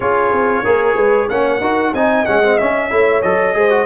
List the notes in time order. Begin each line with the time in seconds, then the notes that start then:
0.00 C#4 F4 G#4 C#5
0.32 C4
0.63 A#3 G#4 A#4
0.95 G#3 B4
1.29 A#3 C#4 C#5 F#5
1.60 D#4 F#4 A#4
1.93 C4 D#4 D#5 G#5
2.25 G#3 C#4 F#5
2.43 C4
2.57 C#4 E5
2.90 A3 E4 C#5
3.22 F#3 A4 D#5
3.54 G#3 G#4 C5
3.70 F#4